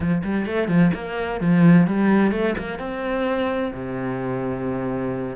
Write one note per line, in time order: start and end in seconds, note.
0.00 0.22 F3
0.23 0.45 G3
0.45 0.68 A3
0.68 0.91 F3
0.93 1.40 A#3
1.40 1.86 F3
1.86 2.31 G3
2.31 2.55 A3
2.58 2.78 A#3
2.78 3.71 C4
3.73 5.36 C3